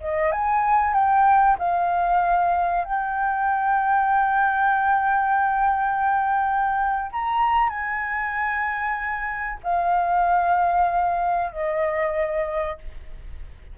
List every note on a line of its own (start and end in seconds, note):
0.00 0.31 D#5
0.31 0.94 G#5
0.94 1.57 G5
1.58 2.84 F5
2.84 7.11 G5
7.12 7.69 A#5
7.69 9.59 G#5
9.63 11.51 F5
11.51 12.78 D#5